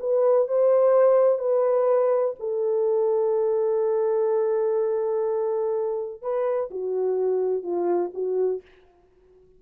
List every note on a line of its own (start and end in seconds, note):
0.00 0.48 B4
0.48 1.39 C5
1.39 2.35 B4
2.40 6.22 A4
6.22 6.70 B4
6.71 7.63 F#4
7.63 8.11 F4
8.14 8.62 F#4